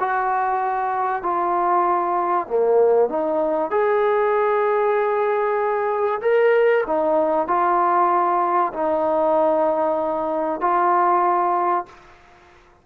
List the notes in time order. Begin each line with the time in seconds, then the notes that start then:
0.00 F#4
1.23 F4
2.48 A#3
3.09 D#4
3.71 G#4
6.22 A#4
6.87 D#4
7.48 F4
8.74 D#4
10.61 F4